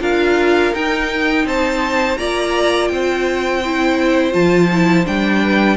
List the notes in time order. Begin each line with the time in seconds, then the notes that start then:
0.00 D4 F4 A#4 F5
0.72 D#4 G5
1.44 C4 C5 A5
2.17 A#3 F4 D5 A#5
2.88 C4 C5 G5
3.65 E4
4.32 F3 F4 A5
4.73 E4
5.05 G3 D4 G5
5.43 B4